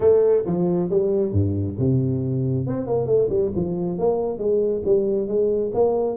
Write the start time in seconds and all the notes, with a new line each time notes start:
0.00 A3
0.46 F3
0.90 G3
1.32 G2
1.78 C3
2.66 C4
2.86 A#3
3.06 A3
3.29 G3
3.55 F3
3.98 A#3
4.38 G#3
4.85 G3
5.27 G#3
5.74 A#3